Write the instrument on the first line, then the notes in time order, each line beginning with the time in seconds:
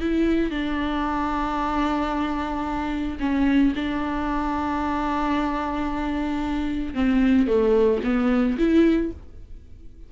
viola
0.00 E4
0.50 D4
3.19 C#4
3.75 D4
6.94 C4
7.47 A3
8.03 B3
8.58 E4